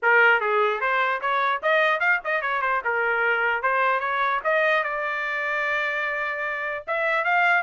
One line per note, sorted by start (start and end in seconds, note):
0.02 0.40 A#4
0.40 0.80 G#4
0.80 1.20 C5
1.21 1.61 C#5
1.62 2.00 D#5
2.00 2.20 F5
2.24 2.41 D#5
2.41 2.61 C#5
2.61 2.82 C5
2.84 3.62 A#4
3.62 4.00 C5
4.00 4.40 C#5
4.44 4.83 D#5
4.83 6.84 D5
6.87 7.24 E5
7.24 7.62 F5